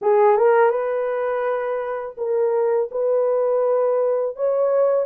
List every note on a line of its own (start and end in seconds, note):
0.01 0.37 G#4
0.37 0.70 A#4
0.70 2.15 B4
2.17 2.89 A#4
2.91 4.35 B4
4.36 5.05 C#5